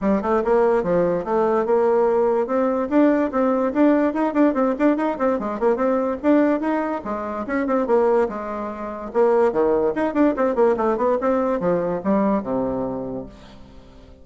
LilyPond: \new Staff \with { instrumentName = "bassoon" } { \time 4/4 \tempo 4 = 145 g8 a8 ais4 f4 a4 | ais2 c'4 d'4 | c'4 d'4 dis'8 d'8 c'8 d'8 | dis'8 c'8 gis8 ais8 c'4 d'4 |
dis'4 gis4 cis'8 c'8 ais4 | gis2 ais4 dis4 | dis'8 d'8 c'8 ais8 a8 b8 c'4 | f4 g4 c2 | }